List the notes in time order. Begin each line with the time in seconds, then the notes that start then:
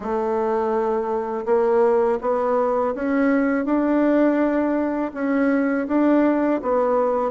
0.00 A3
1.45 A#3
2.21 B3
2.95 C#4
3.65 D4
5.14 C#4
5.87 D4
6.62 B3